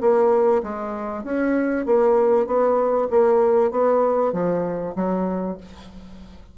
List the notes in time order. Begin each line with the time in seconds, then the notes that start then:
0.00 A#3
0.62 G#3
1.23 C#4
1.86 A#3
2.46 B3
3.10 A#3
3.71 B3
4.32 F3
4.95 F#3